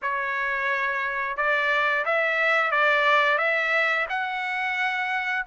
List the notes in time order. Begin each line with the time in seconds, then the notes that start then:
0.02 C#5
1.36 D5
2.05 E5
2.71 D5
3.37 E5
4.09 F#5